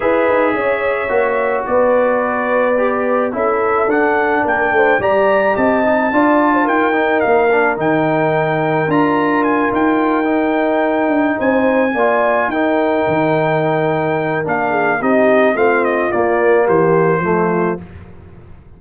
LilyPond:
<<
  \new Staff \with { instrumentName = "trumpet" } { \time 4/4 \tempo 4 = 108 e''2. d''4~ | d''2 e''4 fis''4 | g''4 ais''4 a''2 | g''4 f''4 g''2 |
ais''4 gis''8 g''2~ g''8~ | g''8 gis''2 g''4.~ | g''2 f''4 dis''4 | f''8 dis''8 d''4 c''2 | }
  \new Staff \with { instrumentName = "horn" } { \time 4/4 b'4 cis''2 b'4~ | b'2 a'2 | ais'8 c''8 d''4 dis''4 d''8. c''16 | ais'1~ |
ais'1~ | ais'8 c''4 d''4 ais'4.~ | ais'2~ ais'8 gis'8 g'4 | f'2 g'4 f'4 | }
  \new Staff \with { instrumentName = "trombone" } { \time 4/4 gis'2 fis'2~ | fis'4 g'4 e'4 d'4~ | d'4 g'4. dis'8 f'4~ | f'8 dis'4 d'8 dis'2 |
f'2~ f'8 dis'4.~ | dis'4. f'4 dis'4.~ | dis'2 d'4 dis'4 | c'4 ais2 a4 | }
  \new Staff \with { instrumentName = "tuba" } { \time 4/4 e'8 dis'8 cis'4 ais4 b4~ | b2 cis'4 d'4 | ais8 a8 g4 c'4 d'4 | dis'4 ais4 dis2 |
d'4. dis'2~ dis'8 | d'8 c'4 ais4 dis'4 dis8~ | dis2 ais4 c'4 | a4 ais4 e4 f4 | }
>>